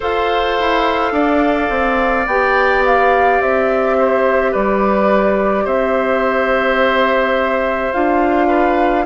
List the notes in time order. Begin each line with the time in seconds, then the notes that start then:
0.00 F4 A4 C5 F5
0.59 E4
1.12 D4 D5
1.69 C4
2.26 B3 G4 G5
2.84 F5
3.40 C4 E5
3.98 C5
4.51 G3 B4 D5
5.64 C4 C5 E5
7.92 D4 F4 F5
8.47 B4